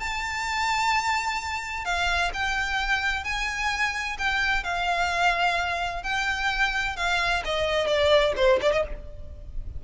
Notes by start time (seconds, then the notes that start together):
0.00 A5
1.85 F5
2.34 G5
3.24 G#5
4.19 G5
4.64 F5
6.04 G5
6.97 F5
7.45 D#5
7.87 D5
8.37 C5
8.62 D5
8.73 D#5